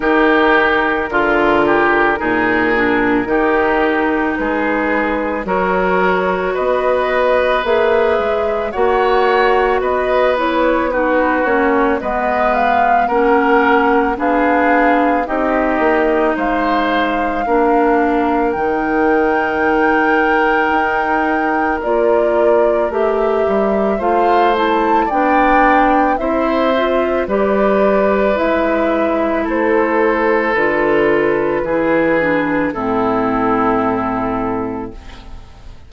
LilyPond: <<
  \new Staff \with { instrumentName = "flute" } { \time 4/4 \tempo 4 = 55 ais'1 | b'4 cis''4 dis''4 e''4 | fis''4 dis''8 cis''8 b'8 cis''8 dis''8 f''8 | fis''4 f''4 dis''4 f''4~ |
f''4 g''2. | d''4 e''4 f''8 a''8 g''4 | e''4 d''4 e''4 c''4 | b'2 a'2 | }
  \new Staff \with { instrumentName = "oboe" } { \time 4/4 g'4 f'8 g'8 gis'4 g'4 | gis'4 ais'4 b'2 | cis''4 b'4 fis'4 b'4 | ais'4 gis'4 g'4 c''4 |
ais'1~ | ais'2 c''4 d''4 | c''4 b'2 a'4~ | a'4 gis'4 e'2 | }
  \new Staff \with { instrumentName = "clarinet" } { \time 4/4 dis'4 f'4 dis'8 d'8 dis'4~ | dis'4 fis'2 gis'4 | fis'4. e'8 dis'8 cis'8 b4 | cis'4 d'4 dis'2 |
d'4 dis'2. | f'4 g'4 f'8 e'8 d'4 | e'8 f'8 g'4 e'2 | f'4 e'8 d'8 c'2 | }
  \new Staff \with { instrumentName = "bassoon" } { \time 4/4 dis4 d4 ais,4 dis4 | gis4 fis4 b4 ais8 gis8 | ais4 b4. ais8 gis4 | ais4 b4 c'8 ais8 gis4 |
ais4 dis2 dis'4 | ais4 a8 g8 a4 b4 | c'4 g4 gis4 a4 | d4 e4 a,2 | }
>>